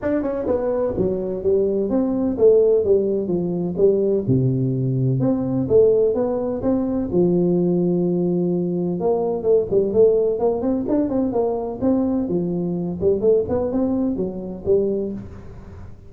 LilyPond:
\new Staff \with { instrumentName = "tuba" } { \time 4/4 \tempo 4 = 127 d'8 cis'8 b4 fis4 g4 | c'4 a4 g4 f4 | g4 c2 c'4 | a4 b4 c'4 f4~ |
f2. ais4 | a8 g8 a4 ais8 c'8 d'8 c'8 | ais4 c'4 f4. g8 | a8 b8 c'4 fis4 g4 | }